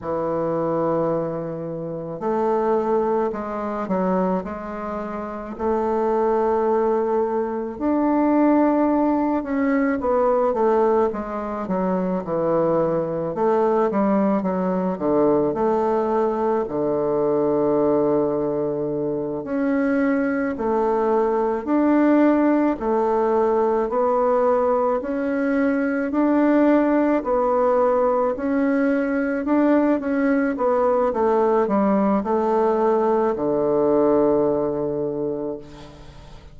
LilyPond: \new Staff \with { instrumentName = "bassoon" } { \time 4/4 \tempo 4 = 54 e2 a4 gis8 fis8 | gis4 a2 d'4~ | d'8 cis'8 b8 a8 gis8 fis8 e4 | a8 g8 fis8 d8 a4 d4~ |
d4. cis'4 a4 d'8~ | d'8 a4 b4 cis'4 d'8~ | d'8 b4 cis'4 d'8 cis'8 b8 | a8 g8 a4 d2 | }